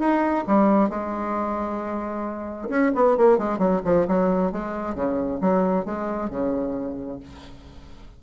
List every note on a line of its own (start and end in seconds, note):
0.00 0.45 D#4
0.48 0.90 G3
0.90 2.69 G#3
2.70 2.92 C#4
2.95 3.18 B3
3.18 3.39 A#3
3.39 3.59 G#3
3.59 3.81 F#3
3.85 4.07 F3
4.08 4.52 F#3
4.52 4.95 G#3
4.95 5.40 C#3
5.41 5.86 F#3
5.86 6.31 G#3
6.31 7.20 C#3